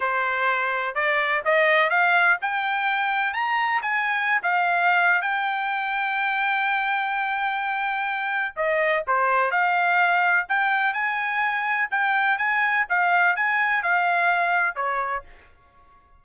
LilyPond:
\new Staff \with { instrumentName = "trumpet" } { \time 4/4 \tempo 4 = 126 c''2 d''4 dis''4 | f''4 g''2 ais''4 | gis''4~ gis''16 f''4.~ f''16 g''4~ | g''1~ |
g''2 dis''4 c''4 | f''2 g''4 gis''4~ | gis''4 g''4 gis''4 f''4 | gis''4 f''2 cis''4 | }